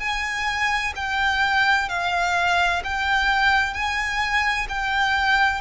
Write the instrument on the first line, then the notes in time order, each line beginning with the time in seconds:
violin
0.00 G#5
0.96 G5
1.89 F5
2.84 G5
3.74 G#5
4.69 G5